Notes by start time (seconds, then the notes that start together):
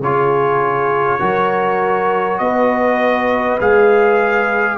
0.00 C#3 F4 G#4 C#5
1.20 F#3 F#4 A#4
2.39 B3 B4 D#5
3.61 G#3 G#4 F5